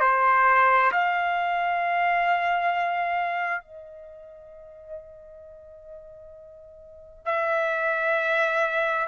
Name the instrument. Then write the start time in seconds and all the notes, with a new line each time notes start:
trumpet
0.00 C5
0.92 F5
3.62 D#5
7.25 E5